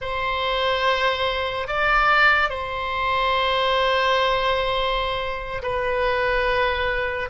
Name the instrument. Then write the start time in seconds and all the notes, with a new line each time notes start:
oboe
0.01 C5
1.67 D5
2.49 C5
5.62 B4